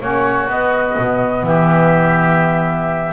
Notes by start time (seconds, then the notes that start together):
0.00 A#3 C#4 F#4 C#5
0.48 B3 D#5
0.98 B2
1.43 E3 G4 E5